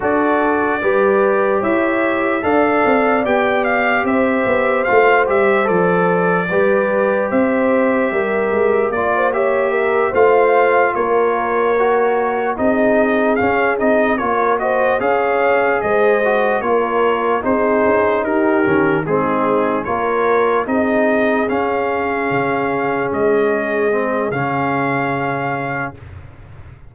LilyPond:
<<
  \new Staff \with { instrumentName = "trumpet" } { \time 4/4 \tempo 4 = 74 d''2 e''4 f''4 | g''8 f''8 e''4 f''8 e''8 d''4~ | d''4 e''2 d''8 e''8~ | e''8 f''4 cis''2 dis''8~ |
dis''8 f''8 dis''8 cis''8 dis''8 f''4 dis''8~ | dis''8 cis''4 c''4 ais'4 gis'8~ | gis'8 cis''4 dis''4 f''4.~ | f''8 dis''4. f''2 | }
  \new Staff \with { instrumentName = "horn" } { \time 4/4 a'4 b'4 cis''4 d''4~ | d''4 c''2. | b'4 c''4 ais'4 d''16 c''16 cis''8 | ais'8 c''4 ais'2 gis'8~ |
gis'4. ais'8 c''8 cis''4 c''8~ | c''8 ais'4 gis'4 g'4 dis'8~ | dis'8 ais'4 gis'2~ gis'8~ | gis'1 | }
  \new Staff \with { instrumentName = "trombone" } { \time 4/4 fis'4 g'2 a'4 | g'2 f'8 g'8 a'4 | g'2. f'8 g'8~ | g'8 f'2 fis'4 dis'8~ |
dis'8 cis'8 dis'8 f'8 fis'8 gis'4. | fis'8 f'4 dis'4. cis'8 c'8~ | c'8 f'4 dis'4 cis'4.~ | cis'4. c'8 cis'2 | }
  \new Staff \with { instrumentName = "tuba" } { \time 4/4 d'4 g4 e'4 d'8 c'8 | b4 c'8 b8 a8 g8 f4 | g4 c'4 g8 gis8 ais4~ | ais8 a4 ais2 c'8~ |
c'8 cis'8 c'8 ais4 cis'4 gis8~ | gis8 ais4 c'8 cis'8 dis'8 dis8 gis8~ | gis8 ais4 c'4 cis'4 cis8~ | cis8 gis4. cis2 | }
>>